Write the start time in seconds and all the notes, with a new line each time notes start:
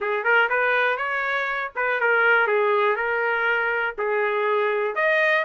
0.00 G#4
0.23 A#4
0.49 B4
0.97 C#5
1.75 B4
2.00 A#4
2.47 G#4
2.96 A#4
3.98 G#4
4.95 D#5